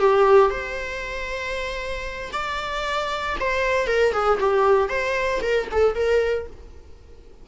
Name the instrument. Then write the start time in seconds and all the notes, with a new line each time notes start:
viola
0.00 G4
0.51 C5
2.33 D5
3.40 C5
3.87 A#4
4.13 G#4
4.40 G4
4.89 C5
5.42 A#4
5.72 A4
5.96 A#4